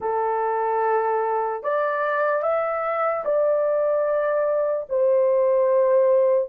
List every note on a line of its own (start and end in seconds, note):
0.00 1.63 A4
1.63 2.43 D5
2.43 3.24 E5
3.24 4.86 D5
4.89 6.49 C5